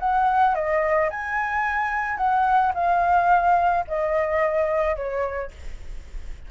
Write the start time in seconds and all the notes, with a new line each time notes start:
0.00 F#5
0.55 D#5
1.11 G#5
2.17 F#5
2.75 F5
3.88 D#5
4.96 C#5